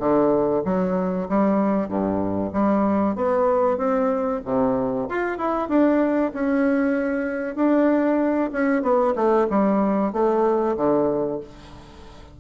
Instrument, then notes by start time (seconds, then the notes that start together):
bassoon
0.00 D3
0.65 F#3
1.29 G3
1.89 G2
2.53 G3
3.16 B3
3.78 C4
4.45 C3
5.09 F4
5.38 E4
5.69 D4
6.34 C#4
7.56 D4
8.53 C#4
8.82 B3
9.16 A3
9.50 G3
10.13 A3
10.77 D3